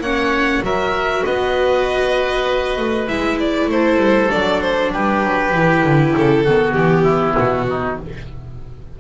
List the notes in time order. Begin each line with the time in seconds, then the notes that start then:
0.00 A#3 C#4 C#5 F#5
0.63 F#3 F#4 A#4 E5
1.25 B3 B4 D#5
2.78 A3
3.08 G#3 E4 E5
3.40 D5
3.66 A3 C5
3.73 A4
3.97 G3
4.29 F#3 D4 D5
4.61 C5
4.93 G3 G4 B4
5.24 F#3
5.53 E3 E4
5.84 D3
6.17 C#3 A4
6.44 D#3 B3 F#4
6.73 E3 G4
7.03 E4
7.39 B2 F#4
7.69 D#4